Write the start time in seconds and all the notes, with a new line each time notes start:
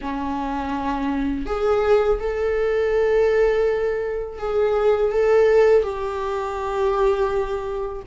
0.01 C#4
1.46 G#4
2.19 A4
4.39 G#4
5.12 A4
5.83 G4